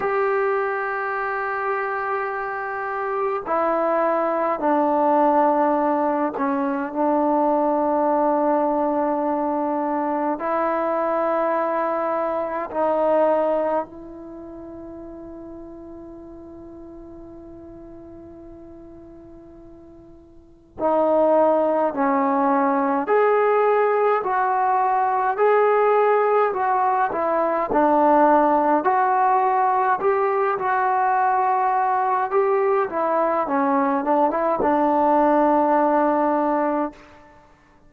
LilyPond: \new Staff \with { instrumentName = "trombone" } { \time 4/4 \tempo 4 = 52 g'2. e'4 | d'4. cis'8 d'2~ | d'4 e'2 dis'4 | e'1~ |
e'2 dis'4 cis'4 | gis'4 fis'4 gis'4 fis'8 e'8 | d'4 fis'4 g'8 fis'4. | g'8 e'8 cis'8 d'16 e'16 d'2 | }